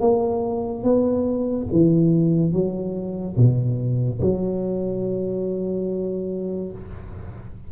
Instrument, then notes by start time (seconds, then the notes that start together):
tuba
0.00 A#3
0.83 B3
1.71 E3
2.52 F#3
3.36 B2
4.21 F#3